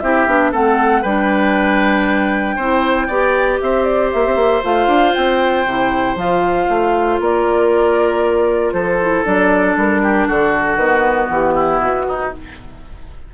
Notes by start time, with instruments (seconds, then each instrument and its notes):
0.00 bassoon C4, clarinet E4, oboe G4, flute E5
0.26 bassoon B3, clarinet D4
0.51 bassoon A3, clarinet C4, oboe A4, flute F#5
1.02 bassoon G3, clarinet D4, oboe B4, flute G5
2.55 bassoon C4, clarinet E4, oboe C5
3.07 bassoon B3, clarinet G4, oboe D5
3.60 bassoon C4, oboe C5, flute E5
3.84 flute D5
4.12 bassoon A#3, flute E5
4.26 bassoon C4
4.35 bassoon A#3
4.63 bassoon A3, clarinet F4, flute F5
4.87 bassoon D4
5.14 bassoon C4, flute G5
5.66 bassoon C3, clarinet E4
6.15 bassoon F3, clarinet F4, flute F5
6.69 bassoon A3
7.20 bassoon A#3, oboe A#4, flute D5
8.73 bassoon F3, oboe A4, flute C5
9.01 clarinet E4
9.24 bassoon F#3, clarinet D4, flute D5
9.76 bassoon G3, flute A#4
10.02 oboe G4
10.27 bassoon D3, oboe F#4, flute A4
10.76 bassoon D#3, clarinet B3, flute B4
11.29 bassoon E3, flute G4
11.54 oboe E4
11.79 bassoon B2, flute F#4
12.08 oboe D#4